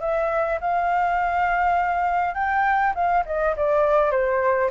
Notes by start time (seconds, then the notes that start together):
0.00 E5
0.60 F5
2.34 G5
2.94 F5
3.25 D#5
3.56 D5
4.11 C5